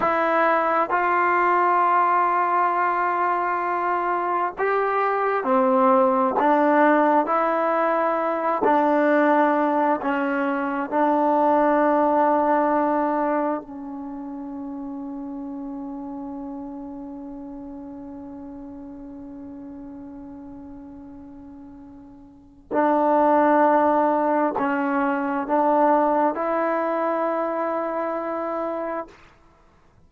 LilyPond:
\new Staff \with { instrumentName = "trombone" } { \time 4/4 \tempo 4 = 66 e'4 f'2.~ | f'4 g'4 c'4 d'4 | e'4. d'4. cis'4 | d'2. cis'4~ |
cis'1~ | cis'1~ | cis'4 d'2 cis'4 | d'4 e'2. | }